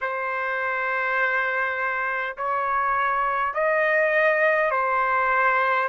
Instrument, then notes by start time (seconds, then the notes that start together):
trumpet
0.01 C5
2.37 C#5
3.53 D#5
4.71 C5